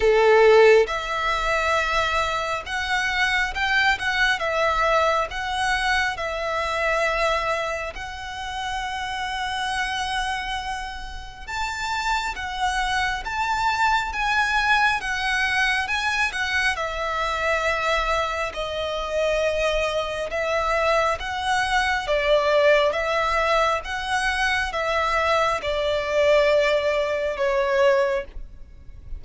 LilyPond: \new Staff \with { instrumentName = "violin" } { \time 4/4 \tempo 4 = 68 a'4 e''2 fis''4 | g''8 fis''8 e''4 fis''4 e''4~ | e''4 fis''2.~ | fis''4 a''4 fis''4 a''4 |
gis''4 fis''4 gis''8 fis''8 e''4~ | e''4 dis''2 e''4 | fis''4 d''4 e''4 fis''4 | e''4 d''2 cis''4 | }